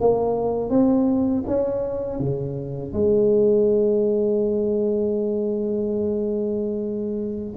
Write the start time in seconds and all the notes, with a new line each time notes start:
0.00 A#3
0.70 C4
1.47 C#4
2.20 C#3
2.93 G#3